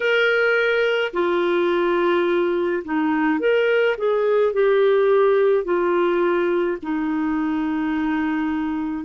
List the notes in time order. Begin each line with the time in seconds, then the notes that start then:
0.00 A#4
1.13 F4
2.84 D#4
3.39 A#4
3.97 G#4
4.53 G4
5.64 F4
6.82 D#4